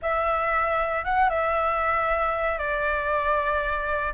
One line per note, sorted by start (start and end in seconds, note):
0.01 1.04 E5
1.04 1.29 F#5
1.29 2.58 E5
2.58 4.13 D5